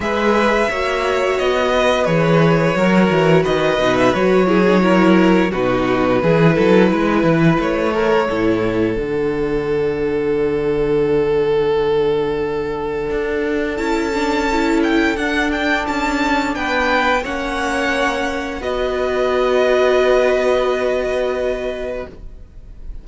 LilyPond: <<
  \new Staff \with { instrumentName = "violin" } { \time 4/4 \tempo 4 = 87 e''2 dis''4 cis''4~ | cis''4 dis''8. e''16 cis''2 | b'2. cis''4~ | cis''4 fis''2.~ |
fis''1 | a''4. g''8 fis''8 g''8 a''4 | g''4 fis''2 dis''4~ | dis''1 | }
  \new Staff \with { instrumentName = "violin" } { \time 4/4 b'4 cis''4. b'4. | ais'4 b'4. gis'8 ais'4 | fis'4 gis'8 a'8 b'4. ais'8 | a'1~ |
a'1~ | a'1 | b'4 cis''2 b'4~ | b'1 | }
  \new Staff \with { instrumentName = "viola" } { \time 4/4 gis'4 fis'2 gis'4 | fis'4. dis'8 fis'8 e'16 dis'16 e'4 | dis'4 e'2~ e'8 a'8 | e'4 d'2.~ |
d'1 | e'8 d'8 e'4 d'2~ | d'4 cis'2 fis'4~ | fis'1 | }
  \new Staff \with { instrumentName = "cello" } { \time 4/4 gis4 ais4 b4 e4 | fis8 e8 dis8 b,8 fis2 | b,4 e8 fis8 gis8 e8 a4 | a,4 d2.~ |
d2. d'4 | cis'2 d'4 cis'4 | b4 ais2 b4~ | b1 | }
>>